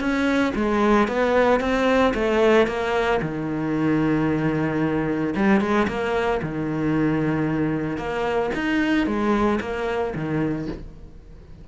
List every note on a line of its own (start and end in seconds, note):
0.00 0.53 C#4
0.55 1.08 G#3
1.08 1.60 B3
1.60 2.13 C4
2.14 2.67 A3
2.67 3.20 A#3
3.22 5.34 D#3
5.36 5.61 G3
5.61 5.87 G#3
5.88 6.41 A#3
6.42 7.97 D#3
7.97 8.51 A#3
8.55 9.07 D#4
9.07 9.60 G#3
9.61 10.14 A#3
10.15 10.68 D#3